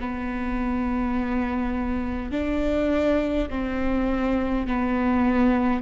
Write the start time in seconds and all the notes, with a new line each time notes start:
0.00 B3
2.31 D4
3.49 C4
4.67 B3